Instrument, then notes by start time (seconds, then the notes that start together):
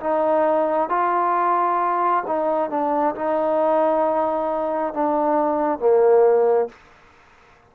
trombone
0.00 D#4
0.89 F4
2.27 D#4
2.70 D4
3.15 D#4
4.93 D4
5.79 A#3